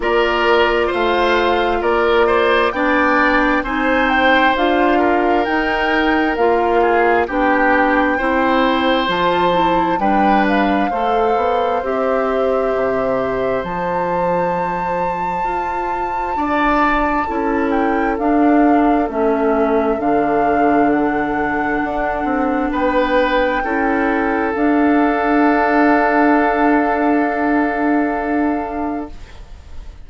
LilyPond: <<
  \new Staff \with { instrumentName = "flute" } { \time 4/4 \tempo 4 = 66 d''4 f''4 d''4 g''4 | gis''8 g''8 f''4 g''4 f''4 | g''2 a''4 g''8 f''8~ | f''4 e''2 a''4~ |
a''2.~ a''8 g''8 | f''4 e''4 f''4 fis''4~ | fis''4 g''2 f''4~ | f''1 | }
  \new Staff \with { instrumentName = "oboe" } { \time 4/4 ais'4 c''4 ais'8 c''8 d''4 | c''4. ais'2 gis'8 | g'4 c''2 b'4 | c''1~ |
c''2 d''4 a'4~ | a'1~ | a'4 b'4 a'2~ | a'1 | }
  \new Staff \with { instrumentName = "clarinet" } { \time 4/4 f'2. d'4 | dis'4 f'4 dis'4 f'4 | d'4 e'4 f'8 e'8 d'4 | a'4 g'2 f'4~ |
f'2. e'4 | d'4 cis'4 d'2~ | d'2 e'4 d'4~ | d'1 | }
  \new Staff \with { instrumentName = "bassoon" } { \time 4/4 ais4 a4 ais4 b4 | c'4 d'4 dis'4 ais4 | b4 c'4 f4 g4 | a8 b8 c'4 c4 f4~ |
f4 f'4 d'4 cis'4 | d'4 a4 d2 | d'8 c'8 b4 cis'4 d'4~ | d'1 | }
>>